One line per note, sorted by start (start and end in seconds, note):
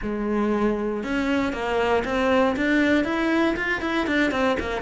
0.02 1.03 G#3
1.03 1.53 C#4
1.53 2.03 A#3
2.05 2.55 C4
2.56 3.04 D4
3.04 3.55 E4
3.56 3.81 F4
3.81 4.06 E4
4.06 4.31 D4
4.31 4.56 C4
4.59 4.81 A#3